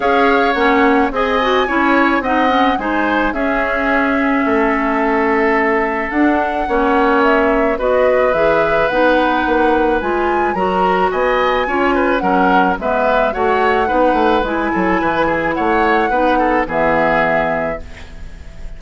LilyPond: <<
  \new Staff \with { instrumentName = "flute" } { \time 4/4 \tempo 4 = 108 f''4 fis''4 gis''2 | fis''4 gis''4 e''2~ | e''2. fis''4~ | fis''4 e''4 dis''4 e''4 |
fis''2 gis''4 ais''4 | gis''2 fis''4 e''4 | fis''2 gis''2 | fis''2 e''2 | }
  \new Staff \with { instrumentName = "oboe" } { \time 4/4 cis''2 dis''4 cis''4 | dis''4 c''4 gis'2 | a'1 | cis''2 b'2~ |
b'2. ais'4 | dis''4 cis''8 b'8 ais'4 b'4 | cis''4 b'4. a'8 b'8 gis'8 | cis''4 b'8 a'8 gis'2 | }
  \new Staff \with { instrumentName = "clarinet" } { \time 4/4 gis'4 cis'4 gis'8 fis'8 e'4 | dis'8 cis'8 dis'4 cis'2~ | cis'2. d'4 | cis'2 fis'4 gis'4 |
dis'2 f'4 fis'4~ | fis'4 f'4 cis'4 b4 | fis'4 dis'4 e'2~ | e'4 dis'4 b2 | }
  \new Staff \with { instrumentName = "bassoon" } { \time 4/4 cis'4 ais4 c'4 cis'4 | c'4 gis4 cis'2 | a2. d'4 | ais2 b4 e4 |
b4 ais4 gis4 fis4 | b4 cis'4 fis4 gis4 | a4 b8 a8 gis8 fis8 e4 | a4 b4 e2 | }
>>